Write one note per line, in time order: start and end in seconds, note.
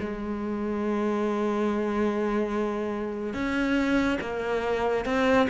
0.00 3.34 G#3
3.34 4.18 C#4
4.21 5.05 A#3
5.05 5.47 C4